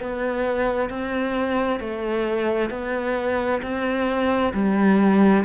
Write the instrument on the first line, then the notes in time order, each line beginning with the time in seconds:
cello
0.00 B3
0.90 C4
1.80 A3
2.70 B3
3.62 C4
4.54 G3